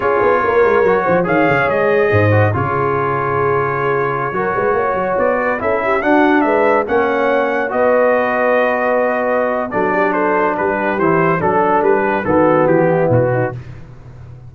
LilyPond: <<
  \new Staff \with { instrumentName = "trumpet" } { \time 4/4 \tempo 4 = 142 cis''2. f''4 | dis''2 cis''2~ | cis''1~ | cis''16 d''4 e''4 fis''4 e''8.~ |
e''16 fis''2 dis''4.~ dis''16~ | dis''2. d''4 | c''4 b'4 c''4 a'4 | b'4 a'4 g'4 fis'4 | }
  \new Staff \with { instrumentName = "horn" } { \time 4/4 gis'4 ais'4. c''8 cis''4~ | cis''4 c''4 gis'2~ | gis'2~ gis'16 ais'8 b'8 cis''8.~ | cis''8. b'8 a'8 g'8 fis'4 b'8.~ |
b'16 cis''2 b'4.~ b'16~ | b'2. a'8 g'8 | a'4 g'2 a'4~ | a'8 g'8 fis'4. e'4 dis'8 | }
  \new Staff \with { instrumentName = "trombone" } { \time 4/4 f'2 fis'4 gis'4~ | gis'4. fis'8 f'2~ | f'2~ f'16 fis'4.~ fis'16~ | fis'4~ fis'16 e'4 d'4.~ d'16~ |
d'16 cis'2 fis'4.~ fis'16~ | fis'2. d'4~ | d'2 e'4 d'4~ | d'4 b2. | }
  \new Staff \with { instrumentName = "tuba" } { \time 4/4 cis'8 b8 ais8 gis8 fis8 f8 dis8 cis8 | gis4 gis,4 cis2~ | cis2~ cis16 fis8 gis8 ais8 fis16~ | fis16 b4 cis'4 d'4 gis8.~ |
gis16 ais2 b4.~ b16~ | b2. fis4~ | fis4 g4 e4 fis4 | g4 dis4 e4 b,4 | }
>>